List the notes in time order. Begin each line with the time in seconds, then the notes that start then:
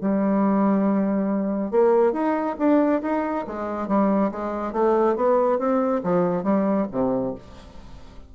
0.00 G3
1.71 A#3
2.12 D#4
2.58 D4
3.02 D#4
3.46 G#3
3.88 G3
4.31 G#3
4.72 A3
5.15 B3
5.58 C4
6.03 F3
6.43 G3
6.91 C3